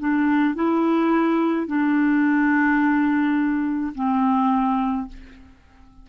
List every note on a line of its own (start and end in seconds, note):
0.00 0.55 D4
0.55 1.67 E4
1.67 3.94 D4
3.95 5.08 C4